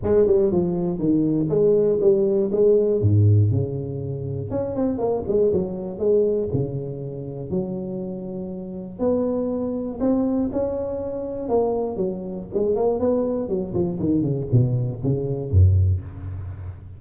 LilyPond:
\new Staff \with { instrumentName = "tuba" } { \time 4/4 \tempo 4 = 120 gis8 g8 f4 dis4 gis4 | g4 gis4 gis,4 cis4~ | cis4 cis'8 c'8 ais8 gis8 fis4 | gis4 cis2 fis4~ |
fis2 b2 | c'4 cis'2 ais4 | fis4 gis8 ais8 b4 fis8 f8 | dis8 cis8 b,4 cis4 fis,4 | }